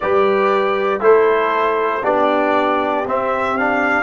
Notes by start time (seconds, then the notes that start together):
0.00 G3 G4 B4 D5
1.00 A3 E4 A4 C5
2.03 B3 D4 G4 D5
3.06 C4 E5
3.57 D4 F5